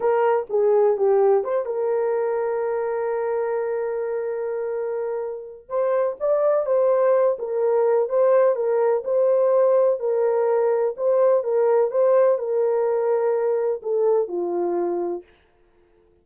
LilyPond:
\new Staff \with { instrumentName = "horn" } { \time 4/4 \tempo 4 = 126 ais'4 gis'4 g'4 c''8 ais'8~ | ais'1~ | ais'1 | c''4 d''4 c''4. ais'8~ |
ais'4 c''4 ais'4 c''4~ | c''4 ais'2 c''4 | ais'4 c''4 ais'2~ | ais'4 a'4 f'2 | }